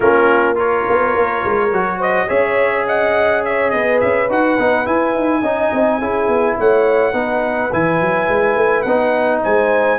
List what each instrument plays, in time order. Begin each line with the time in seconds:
0.00 tuba A#3, trombone C#4, horn F4, trumpet A#4
0.55 trombone F4, horn A#4, trumpet C#5
0.89 tuba B3
1.15 tuba A#3
1.44 tuba G#3
1.72 tuba F#3, trombone F#4
1.97 horn C5, trumpet D#5
2.27 tuba C#4, trombone G#4, horn C#5, trumpet E5
2.86 horn D#5, trumpet F#5
3.45 horn C#5, trumpet E5
3.70 tuba B3, horn B4, trumpet D#5
4.00 tuba C#4, trumpet E5
4.29 tuba D#4, trombone F#4, trumpet F#5
4.58 tuba B3, trombone D#4
4.85 trombone E4, tuba E4, trumpet G#5
5.14 tuba D#4
5.40 tuba C#4, trombone D#4, horn D#5
5.72 tuba C4
5.98 tuba C#4, trombone E4, horn G#4
6.28 tuba B3
6.58 tuba A3, horn C#5, trumpet F#5
7.12 tuba B3, trombone D#4, horn B4
7.72 tuba E3, trombone E4, trumpet G#5
8.00 tuba F#3
8.28 tuba G#3
8.55 tuba A3
8.81 tuba B3, trumpet F#5
8.87 trombone D#4
9.42 tuba G#3, horn C5, trumpet G#5